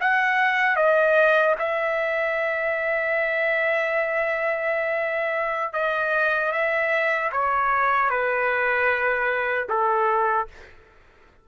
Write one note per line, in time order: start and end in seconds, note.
0.00 0.76 F#5
0.76 1.55 D#5
1.59 5.73 E5
5.73 6.52 D#5
6.52 7.31 E5
7.32 8.10 C#5
8.10 9.67 B4
9.69 10.47 A4